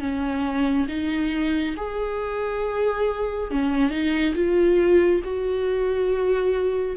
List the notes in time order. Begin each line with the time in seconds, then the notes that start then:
0.00 C#4
0.88 D#4
1.77 G#4
3.51 C#4
3.91 D#4
4.35 F4
5.24 F#4